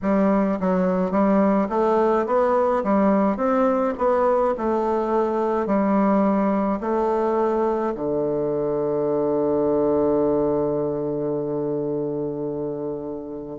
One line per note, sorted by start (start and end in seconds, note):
0.02 0.58 G3
0.59 1.11 F#3
1.11 1.67 G3
1.69 2.25 A3
2.26 2.83 B3
2.83 3.37 G3
3.37 3.93 C4
3.97 4.54 B3
4.57 5.66 A3
5.66 6.79 G3
6.80 7.93 A3
7.95 13.58 D3